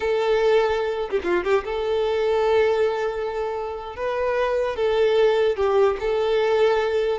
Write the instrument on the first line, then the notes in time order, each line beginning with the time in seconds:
violin
0.00 A4
1.09 G4
1.23 F4
1.44 G4
1.64 A4
3.96 B4
4.76 A4
5.56 G4
6.00 A4